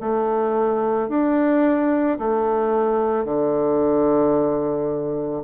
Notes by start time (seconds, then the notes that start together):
0.00 A3
1.09 D4
2.18 A3
3.24 D3